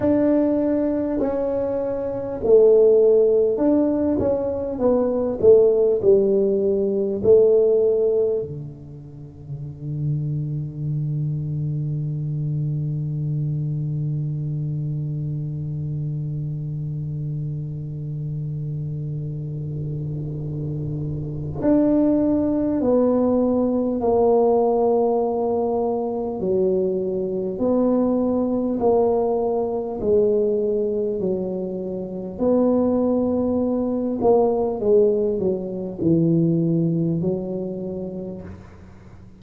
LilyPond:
\new Staff \with { instrumentName = "tuba" } { \time 4/4 \tempo 4 = 50 d'4 cis'4 a4 d'8 cis'8 | b8 a8 g4 a4 d4~ | d1~ | d1~ |
d2 d'4 b4 | ais2 fis4 b4 | ais4 gis4 fis4 b4~ | b8 ais8 gis8 fis8 e4 fis4 | }